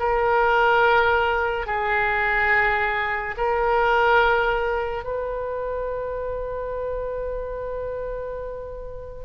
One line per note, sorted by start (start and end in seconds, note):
0.00 1.67 A#4
1.67 3.36 G#4
3.37 5.04 A#4
5.04 9.25 B4